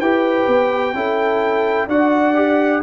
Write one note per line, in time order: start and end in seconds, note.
0.00 0.47 E4
0.00 0.95 G4
0.00 0.95 B4
0.00 1.88 G5
0.48 0.94 B3
0.94 1.88 C#4
0.94 1.89 E4
0.94 1.88 A4
1.88 2.81 D4
1.88 2.35 F#4
1.88 2.82 D5
1.88 2.83 F#5
2.35 2.82 G4